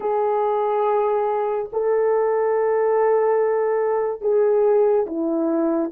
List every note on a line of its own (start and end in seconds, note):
0.00 1.69 G#4
1.72 4.21 A4
4.21 5.05 G#4
5.06 5.91 E4